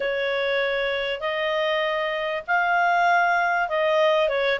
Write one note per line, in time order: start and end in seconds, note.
0.00 1.20 C#5
1.20 2.42 D#5
2.47 3.68 F5
3.68 4.28 D#5
4.28 4.59 C#5